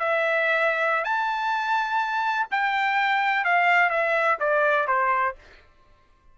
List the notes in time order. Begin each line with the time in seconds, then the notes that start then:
0.00 E5
1.05 A5
2.52 G5
3.45 F5
3.90 E5
4.40 D5
4.88 C5